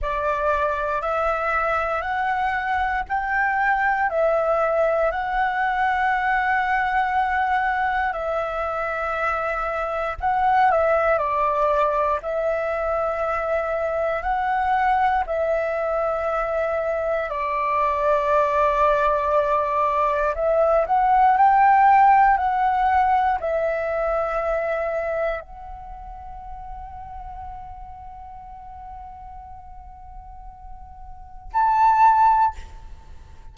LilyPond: \new Staff \with { instrumentName = "flute" } { \time 4/4 \tempo 4 = 59 d''4 e''4 fis''4 g''4 | e''4 fis''2. | e''2 fis''8 e''8 d''4 | e''2 fis''4 e''4~ |
e''4 d''2. | e''8 fis''8 g''4 fis''4 e''4~ | e''4 fis''2.~ | fis''2. a''4 | }